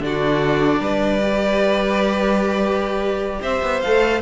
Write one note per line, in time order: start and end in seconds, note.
0.00 0.80 D3
0.00 1.21 D4
0.00 0.80 F#4
0.00 3.42 D5
0.80 3.40 G3
0.80 3.40 B4
1.22 3.82 G4
3.41 3.61 C4
3.41 4.22 C5
3.41 3.82 E5
3.62 3.82 B3
3.82 4.22 A3
3.82 4.22 A4
3.82 4.22 F5